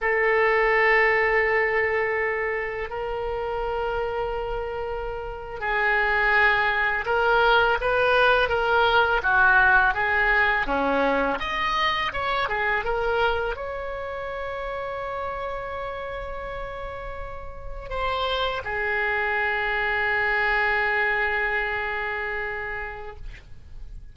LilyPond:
\new Staff \with { instrumentName = "oboe" } { \time 4/4 \tempo 4 = 83 a'1 | ais'2.~ ais'8. gis'16~ | gis'4.~ gis'16 ais'4 b'4 ais'16~ | ais'8. fis'4 gis'4 cis'4 dis''16~ |
dis''8. cis''8 gis'8 ais'4 cis''4~ cis''16~ | cis''1~ | cis''8. c''4 gis'2~ gis'16~ | gis'1 | }